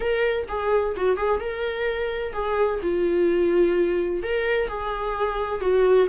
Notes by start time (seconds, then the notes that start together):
0.00 A#4
0.48 G#4
0.96 F#4
1.16 G#4
1.40 A#4
2.32 G#4
2.82 F4
4.22 A#4
4.68 G#4
5.60 F#4